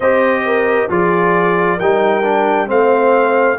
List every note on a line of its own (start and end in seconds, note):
0.00 0.87 C4
0.00 0.89 G4
0.00 0.44 C5
0.00 0.90 D#5
0.45 0.89 A#4
0.89 1.79 F3
0.89 1.79 F4
0.89 1.76 G#4
0.89 1.79 D5
1.76 2.69 G3
1.76 2.22 D#4
1.76 2.66 A#4
1.76 2.68 G5
2.22 2.67 D4
2.67 3.58 A3
2.67 3.56 C4
2.67 3.58 C5
2.67 3.59 F5